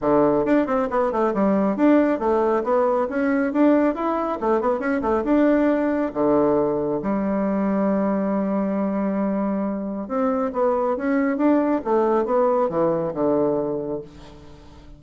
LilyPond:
\new Staff \with { instrumentName = "bassoon" } { \time 4/4 \tempo 4 = 137 d4 d'8 c'8 b8 a8 g4 | d'4 a4 b4 cis'4 | d'4 e'4 a8 b8 cis'8 a8 | d'2 d2 |
g1~ | g2. c'4 | b4 cis'4 d'4 a4 | b4 e4 d2 | }